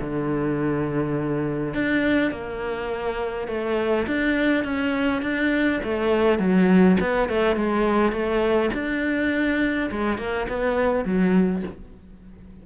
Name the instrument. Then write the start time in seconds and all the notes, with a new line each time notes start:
cello
0.00 D3
1.74 D4
2.31 A#3
3.48 A3
4.07 D4
4.64 C#4
5.22 D4
5.84 A3
6.39 F#3
7.01 B3
7.29 A3
7.56 G#3
8.12 A3
8.74 D4
9.91 G#3
10.18 A#3
10.49 B3
11.05 F#3